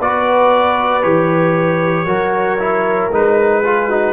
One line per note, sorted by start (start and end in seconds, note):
0.00 1.04 B3
0.00 1.03 F#4
0.00 2.06 B4
0.00 1.03 D5
1.03 2.06 E3
1.03 2.07 G4
1.03 3.10 C#5
2.06 3.10 F#3
2.06 2.59 F#4
2.06 3.62 A#4
2.60 3.12 E4
3.11 4.14 G#3
3.11 3.64 D#4
3.11 4.14 B4
3.65 3.91 F4
3.65 3.88 G#4
3.88 4.14 D#4
3.88 4.14 F#4